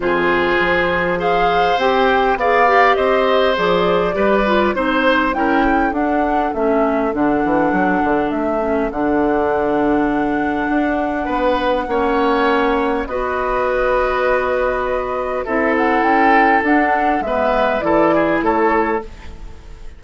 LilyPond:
<<
  \new Staff \with { instrumentName = "flute" } { \time 4/4 \tempo 4 = 101 c''2 f''4 g''4 | f''4 dis''4 d''2 | c''4 g''4 fis''4 e''4 | fis''2 e''4 fis''4~ |
fis''1~ | fis''2 dis''2~ | dis''2 e''8 fis''8 g''4 | fis''4 e''4 d''4 cis''4 | }
  \new Staff \with { instrumentName = "oboe" } { \time 4/4 gis'2 c''2 | d''4 c''2 b'4 | c''4 ais'8 a'2~ a'8~ | a'1~ |
a'2. b'4 | cis''2 b'2~ | b'2 a'2~ | a'4 b'4 a'8 gis'8 a'4 | }
  \new Staff \with { instrumentName = "clarinet" } { \time 4/4 f'2 gis'4 g'4 | gis'8 g'4. gis'4 g'8 f'8 | dis'4 e'4 d'4 cis'4 | d'2~ d'8 cis'8 d'4~ |
d'1 | cis'2 fis'2~ | fis'2 e'2 | d'4 b4 e'2 | }
  \new Staff \with { instrumentName = "bassoon" } { \time 4/4 f,4 f2 c'4 | b4 c'4 f4 g4 | c'4 cis'4 d'4 a4 | d8 e8 fis8 d8 a4 d4~ |
d2 d'4 b4 | ais2 b2~ | b2 c'4 cis'4 | d'4 gis4 e4 a4 | }
>>